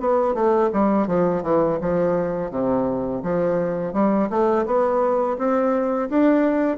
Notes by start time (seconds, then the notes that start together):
0.00 B3
0.34 A3
0.73 G3
1.07 F3
1.43 E3
1.81 F3
2.51 C3
3.23 F3
3.93 G3
4.30 A3
4.66 B3
5.38 C4
6.09 D4